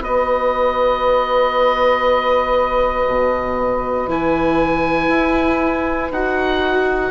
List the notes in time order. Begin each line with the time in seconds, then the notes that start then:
0.00 B3 F#4 B4 D#5
3.07 B2
4.07 E3 E4 G#5
5.08 E4
6.11 D#4 F#4 F#5